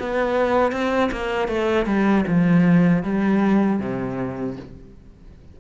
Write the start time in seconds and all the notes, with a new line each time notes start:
0.00 B3
0.72 C4
1.12 A#3
1.49 A3
1.86 G3
2.28 F3
3.03 G3
3.80 C3